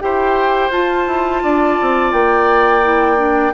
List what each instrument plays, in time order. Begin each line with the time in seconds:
0.00 bassoon E4, clarinet G4, oboe C5, flute G5
0.70 bassoon F4, clarinet F4, flute A5
1.07 bassoon E4
1.43 bassoon D4, oboe D5
1.81 bassoon C4
2.12 bassoon A#3, flute G5
2.83 clarinet E4
3.16 clarinet D4